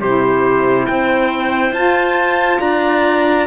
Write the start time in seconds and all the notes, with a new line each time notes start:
0.00 C3 E4 G4 C5
0.86 C4 C5 G5
1.72 F4 A5
2.60 D4 D5 A#5